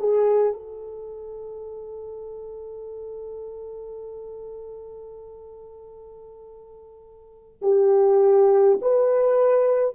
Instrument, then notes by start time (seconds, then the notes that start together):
horn
0.00 G#4
0.53 A4
7.62 G4
8.82 B4